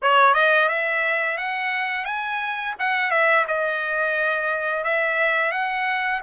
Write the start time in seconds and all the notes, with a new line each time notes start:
0.02 C#5
0.34 D#5
0.68 E5
1.37 F#5
2.05 G#5
2.79 F#5
3.10 E5
3.47 D#5
4.84 E5
5.51 F#5